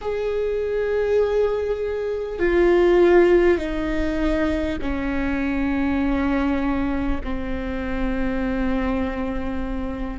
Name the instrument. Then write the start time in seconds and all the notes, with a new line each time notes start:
viola
0.01 G#4
2.39 F4
3.57 D#4
4.81 C#4
7.23 C4